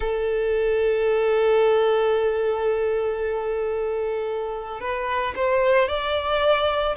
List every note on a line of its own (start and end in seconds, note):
0.00 4.80 A4
4.80 5.34 B4
5.35 5.88 C5
5.88 6.95 D5